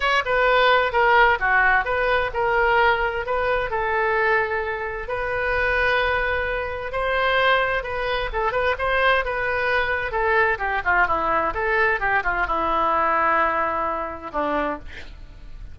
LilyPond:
\new Staff \with { instrumentName = "oboe" } { \time 4/4 \tempo 4 = 130 cis''8 b'4. ais'4 fis'4 | b'4 ais'2 b'4 | a'2. b'4~ | b'2. c''4~ |
c''4 b'4 a'8 b'8 c''4 | b'2 a'4 g'8 f'8 | e'4 a'4 g'8 f'8 e'4~ | e'2. d'4 | }